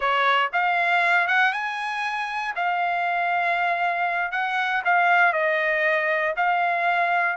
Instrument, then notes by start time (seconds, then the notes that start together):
trumpet
0.00 C#5
0.52 F5
1.27 F#5
1.53 G#5
2.55 F5
4.31 F#5
4.84 F5
5.32 D#5
6.36 F5